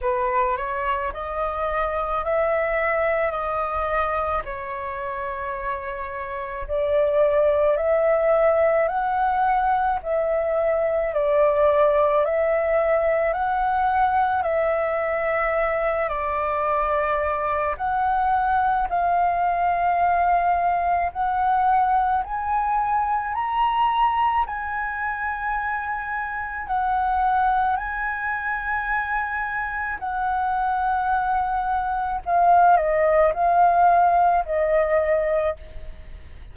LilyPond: \new Staff \with { instrumentName = "flute" } { \time 4/4 \tempo 4 = 54 b'8 cis''8 dis''4 e''4 dis''4 | cis''2 d''4 e''4 | fis''4 e''4 d''4 e''4 | fis''4 e''4. d''4. |
fis''4 f''2 fis''4 | gis''4 ais''4 gis''2 | fis''4 gis''2 fis''4~ | fis''4 f''8 dis''8 f''4 dis''4 | }